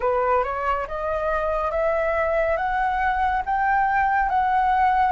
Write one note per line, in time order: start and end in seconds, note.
0.00 0.43 B4
0.43 0.86 C#5
0.87 1.71 D#5
1.71 2.56 E5
2.56 3.42 F#5
3.45 4.29 G5
4.29 5.12 F#5